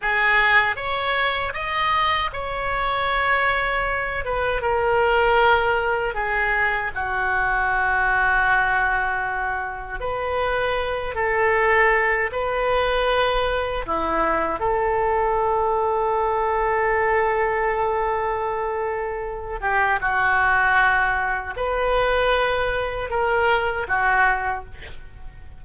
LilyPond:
\new Staff \with { instrumentName = "oboe" } { \time 4/4 \tempo 4 = 78 gis'4 cis''4 dis''4 cis''4~ | cis''4. b'8 ais'2 | gis'4 fis'2.~ | fis'4 b'4. a'4. |
b'2 e'4 a'4~ | a'1~ | a'4. g'8 fis'2 | b'2 ais'4 fis'4 | }